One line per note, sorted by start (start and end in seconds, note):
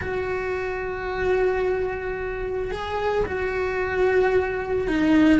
0.01 2.71 F#4
2.71 3.25 G#4
3.25 4.87 F#4
4.87 5.40 D#4